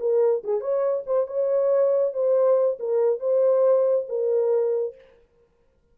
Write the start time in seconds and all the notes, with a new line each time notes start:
0.00 A#4
0.44 G#4
0.61 C#5
1.06 C5
1.27 C#5
2.13 C5
2.79 A#4
3.20 C5
4.09 A#4